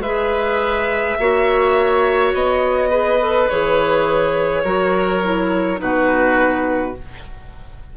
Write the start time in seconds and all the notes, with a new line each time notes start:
0.00 G#3 G#4 B4 E5
1.20 A#3 F#4 C#5
2.34 B3 D#5
2.90 G#4 B4
3.21 A4
3.50 E3 G#4 C#5
4.64 F#3 F#4 A#4
5.24 E4
5.77 B2 D#4 F#4 B4